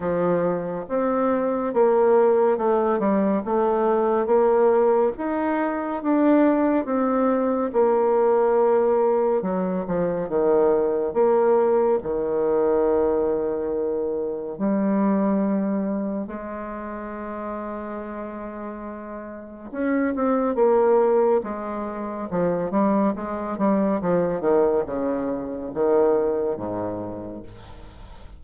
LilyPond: \new Staff \with { instrumentName = "bassoon" } { \time 4/4 \tempo 4 = 70 f4 c'4 ais4 a8 g8 | a4 ais4 dis'4 d'4 | c'4 ais2 fis8 f8 | dis4 ais4 dis2~ |
dis4 g2 gis4~ | gis2. cis'8 c'8 | ais4 gis4 f8 g8 gis8 g8 | f8 dis8 cis4 dis4 gis,4 | }